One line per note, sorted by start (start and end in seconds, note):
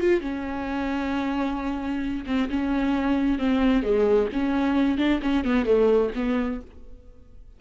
0.00 0.20 F4
0.20 2.25 C#4
2.26 2.49 C4
2.50 3.38 C#4
3.38 3.83 C4
3.83 4.28 G#3
4.32 4.98 C#4
4.98 5.20 D4
5.22 5.45 C#4
5.45 5.65 B3
5.65 6.11 A3
6.15 6.60 B3